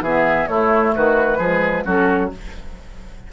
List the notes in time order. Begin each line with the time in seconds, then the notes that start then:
0.00 E3 B3 G#4 E5
0.47 A3 E4 C#5
0.95 D#3 F#4 B4
1.38 F3 G#3 G#4
1.85 F#3 C#4 F#4 A4